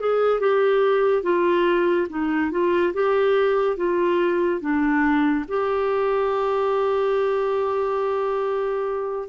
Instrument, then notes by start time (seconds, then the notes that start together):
clarinet
0.00 G#4
0.40 G4
1.23 F4
2.09 D#4
2.51 F4
2.93 G4
3.77 F4
4.61 D4
5.48 G4